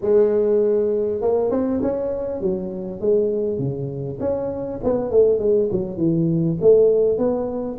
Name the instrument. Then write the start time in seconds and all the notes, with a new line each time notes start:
tuba
0.01 G#3
1.21 A#3
1.51 C4
1.82 C#4
2.40 F#3
3.00 G#3
3.58 C#3
4.20 C#4
4.83 B3
5.10 A3
5.39 G#3
5.71 F#3
5.97 E3
6.61 A3
7.18 B3